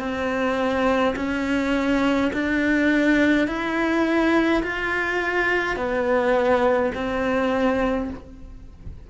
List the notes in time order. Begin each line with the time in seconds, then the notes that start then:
0.00 C4
1.16 C#4
2.33 D4
3.48 E4
4.64 F4
5.77 B3
6.95 C4